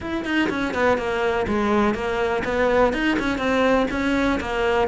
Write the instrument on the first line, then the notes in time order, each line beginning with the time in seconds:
cello
0.00 E4
0.24 D#4
0.49 C#4
0.74 B3
0.97 A#3
1.47 G#3
1.94 A#3
2.44 B3
2.93 D#4
3.19 C#4
3.38 C4
3.90 C#4
4.40 A#3